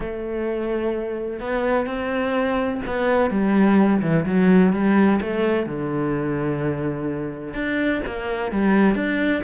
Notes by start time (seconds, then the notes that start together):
0.00 A3
1.40 B3
1.86 C4
2.86 B3
3.30 G3
4.01 E3
4.25 F#3
4.72 G3
5.21 A3
5.66 D3
7.54 D4
8.06 A#3
8.51 G3
8.95 D4